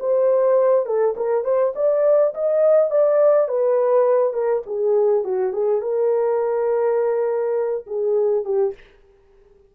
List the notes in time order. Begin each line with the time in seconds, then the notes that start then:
0.00 C5
0.86 A4
1.17 A#4
1.44 C5
1.76 D5
2.35 D#5
2.91 D5
3.49 B4
4.34 A#4
4.67 G#4
5.25 F#4
5.53 G#4
5.81 A#4
7.87 G#4
8.45 G4